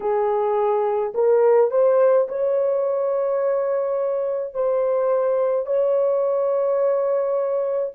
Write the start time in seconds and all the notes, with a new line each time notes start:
0.00 G#4
1.14 A#4
1.70 C5
2.28 C#5
4.53 C5
5.66 C#5